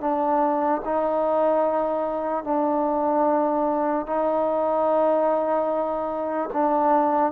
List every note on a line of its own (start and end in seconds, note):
0.00 0.81 D4
0.84 2.44 D#4
2.44 4.06 D4
4.06 6.49 D#4
6.53 7.32 D4